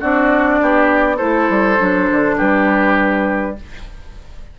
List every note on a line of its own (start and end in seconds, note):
0.00 0.61 C4
0.00 1.18 D4
0.00 0.59 F#4
0.00 1.17 D5
0.61 1.20 B3
0.61 1.17 G4
1.17 1.49 A3
1.17 1.77 E4
1.17 2.36 A4
1.17 2.36 C5
1.49 1.79 G3
1.77 2.10 F#3
1.77 3.56 D4
2.11 2.40 D3
2.37 3.59 G3
2.37 3.56 G4
2.37 3.57 B4